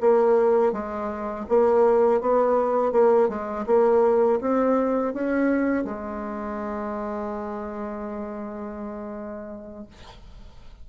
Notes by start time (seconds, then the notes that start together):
0.00 A#3
0.72 G#3
1.48 A#3
2.20 B3
2.92 A#3
3.29 G#3
3.66 A#3
4.40 C4
5.13 C#4
5.84 G#3